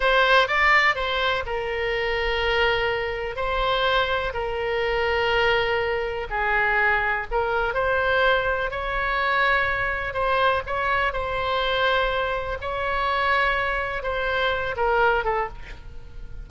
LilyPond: \new Staff \with { instrumentName = "oboe" } { \time 4/4 \tempo 4 = 124 c''4 d''4 c''4 ais'4~ | ais'2. c''4~ | c''4 ais'2.~ | ais'4 gis'2 ais'4 |
c''2 cis''2~ | cis''4 c''4 cis''4 c''4~ | c''2 cis''2~ | cis''4 c''4. ais'4 a'8 | }